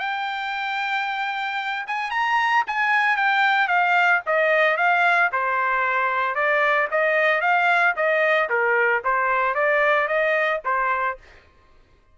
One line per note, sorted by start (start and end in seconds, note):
0.00 1.86 G5
1.87 2.11 G#5
2.11 2.64 A#5
2.67 3.17 G#5
3.17 3.68 G5
3.68 4.21 F5
4.27 4.78 D#5
4.78 5.31 F5
5.33 6.35 C5
6.35 6.89 D5
6.92 7.42 D#5
7.42 7.95 F5
7.96 8.50 D#5
8.50 9.03 A#4
9.05 9.55 C5
9.55 10.08 D5
10.08 10.61 D#5
10.65 11.18 C5